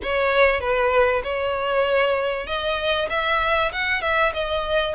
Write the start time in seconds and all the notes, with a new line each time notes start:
0.03 C#5
0.60 B4
1.23 C#5
2.46 D#5
3.09 E5
3.72 F#5
4.01 E5
4.33 D#5